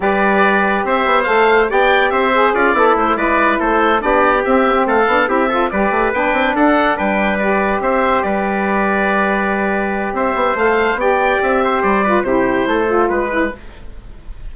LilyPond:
<<
  \new Staff \with { instrumentName = "oboe" } { \time 4/4 \tempo 4 = 142 d''2 e''4 f''4 | g''4 e''4 d''4 c''8 d''8~ | d''8 c''4 d''4 e''4 f''8~ | f''8 e''4 d''4 g''4 fis''8~ |
fis''8 g''4 d''4 e''4 d''8~ | d''1 | e''4 f''4 g''4 e''4 | d''4 c''2 b'4 | }
  \new Staff \with { instrumentName = "trumpet" } { \time 4/4 b'2 c''2 | d''4 c''4 f'8 e'4 b'8~ | b'8 a'4 g'2 a'8~ | a'8 g'8 a'8 b'2 a'8~ |
a'8 b'2 c''4 b'8~ | b'1 | c''2 d''4. c''8~ | c''8 b'8 g'4 a'4 b'4 | }
  \new Staff \with { instrumentName = "saxophone" } { \time 4/4 g'2. a'4 | g'4. gis'4 a'4 e'8~ | e'4. d'4 c'8 b16 c'8. | d'8 e'8 f'8 g'4 d'4.~ |
d'4. g'2~ g'8~ | g'1~ | g'4 a'4 g'2~ | g'8 f'8 e'4. f'4 e'8 | }
  \new Staff \with { instrumentName = "bassoon" } { \time 4/4 g2 c'8 b8 a4 | b4 c'4 cis'8 b8 a8 gis8~ | gis8 a4 b4 c'4 a8 | b8 c'4 g8 a8 b8 c'8 d'8~ |
d'8 g2 c'4 g8~ | g1 | c'8 b8 a4 b4 c'4 | g4 c4 a4 gis4 | }
>>